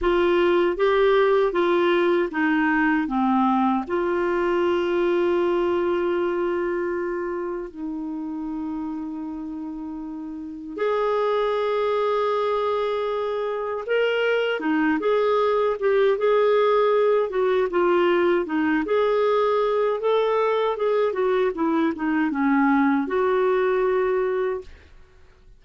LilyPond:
\new Staff \with { instrumentName = "clarinet" } { \time 4/4 \tempo 4 = 78 f'4 g'4 f'4 dis'4 | c'4 f'2.~ | f'2 dis'2~ | dis'2 gis'2~ |
gis'2 ais'4 dis'8 gis'8~ | gis'8 g'8 gis'4. fis'8 f'4 | dis'8 gis'4. a'4 gis'8 fis'8 | e'8 dis'8 cis'4 fis'2 | }